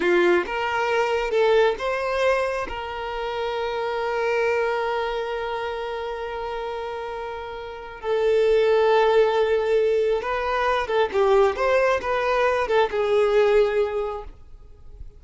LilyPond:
\new Staff \with { instrumentName = "violin" } { \time 4/4 \tempo 4 = 135 f'4 ais'2 a'4 | c''2 ais'2~ | ais'1~ | ais'1~ |
ais'2 a'2~ | a'2. b'4~ | b'8 a'8 g'4 c''4 b'4~ | b'8 a'8 gis'2. | }